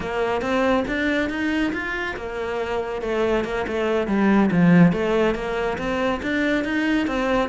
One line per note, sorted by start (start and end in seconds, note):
0.00 0.41 A#3
0.41 0.84 C4
0.87 1.29 D4
1.29 1.72 D#4
1.72 2.15 F4
2.16 3.01 A#3
3.01 3.44 A3
3.44 3.66 A#3
3.67 4.07 A3
4.07 4.50 G3
4.51 4.92 F3
4.92 5.34 A3
5.34 5.77 A#3
5.77 6.20 C4
6.22 6.64 D4
6.64 7.07 D#4
7.07 7.49 C4